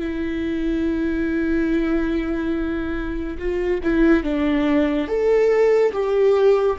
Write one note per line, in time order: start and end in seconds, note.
0.00 3.38 E4
3.38 3.81 F4
3.83 4.23 E4
4.23 5.08 D4
5.08 5.92 A4
5.93 6.77 G4